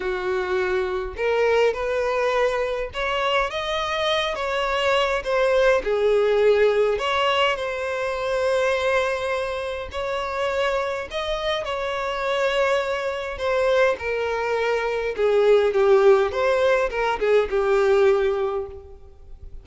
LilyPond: \new Staff \with { instrumentName = "violin" } { \time 4/4 \tempo 4 = 103 fis'2 ais'4 b'4~ | b'4 cis''4 dis''4. cis''8~ | cis''4 c''4 gis'2 | cis''4 c''2.~ |
c''4 cis''2 dis''4 | cis''2. c''4 | ais'2 gis'4 g'4 | c''4 ais'8 gis'8 g'2 | }